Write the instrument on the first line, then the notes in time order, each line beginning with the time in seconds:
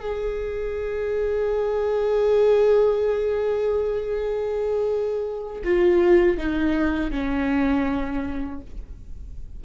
viola
0.00 G#4
5.64 F4
6.38 D#4
7.11 C#4